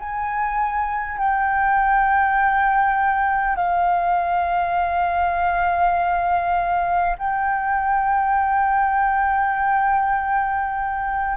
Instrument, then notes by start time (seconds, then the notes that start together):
flute
0.00 G#5
1.19 G5
3.56 F5
7.19 G5